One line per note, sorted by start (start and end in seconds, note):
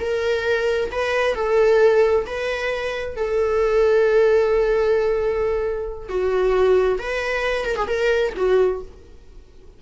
0.00 0.90 A#4
0.92 1.35 B4
1.35 2.25 A4
2.26 3.16 B4
3.16 6.09 A4
6.09 6.99 F#4
6.99 7.65 B4
7.65 7.76 A#4
7.76 7.87 G#4
7.87 8.33 A#4
8.36 8.82 F#4